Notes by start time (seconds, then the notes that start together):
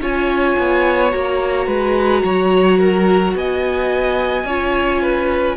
0.00 C#4 F4 C#5 G#5
0.58 B3
1.11 A#3 F#4 A#5
1.66 G#3 B4
2.24 F#3 C#5
2.78 A#4
3.34 B3 D#5 G#5
4.44 C#4 F4 C#5
5.01 B4